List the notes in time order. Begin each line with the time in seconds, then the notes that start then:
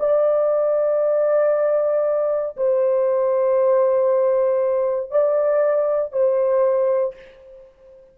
0.00 D5
2.57 C5
5.11 D5
6.13 C5